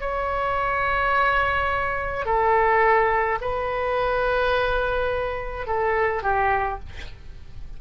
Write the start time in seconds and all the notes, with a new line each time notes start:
0.00 C#5
2.25 A4
3.41 B4
5.67 A4
6.23 G4